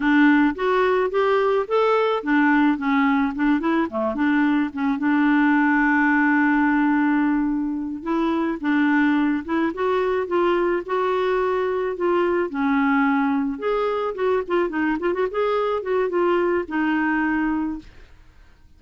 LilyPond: \new Staff \with { instrumentName = "clarinet" } { \time 4/4 \tempo 4 = 108 d'4 fis'4 g'4 a'4 | d'4 cis'4 d'8 e'8 a8 d'8~ | d'8 cis'8 d'2.~ | d'2~ d'8 e'4 d'8~ |
d'4 e'8 fis'4 f'4 fis'8~ | fis'4. f'4 cis'4.~ | cis'8 gis'4 fis'8 f'8 dis'8 f'16 fis'16 gis'8~ | gis'8 fis'8 f'4 dis'2 | }